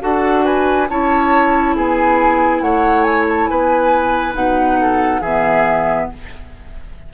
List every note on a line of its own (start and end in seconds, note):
0.00 0.89 D4
0.00 0.87 F#4
0.00 0.44 A4
0.00 0.45 F#5
0.44 0.88 B4
0.44 0.88 G#5
0.89 1.75 C#4
0.89 4.34 E4
0.89 1.76 C#5
0.89 1.76 A5
1.75 2.61 B3
1.75 2.62 G#4
1.75 2.62 G#5
2.61 3.48 A3
2.61 3.49 C#5
2.61 3.03 F#5
3.03 3.24 G#5
3.29 3.46 A5
3.46 4.35 B3
3.46 4.80 B4
3.46 4.33 G#5
4.34 5.21 B2
4.34 5.20 D#4
4.34 5.22 F#5
4.80 5.21 A4
5.21 6.08 E3
5.21 6.13 B3
5.21 6.08 G#4
5.21 6.09 E5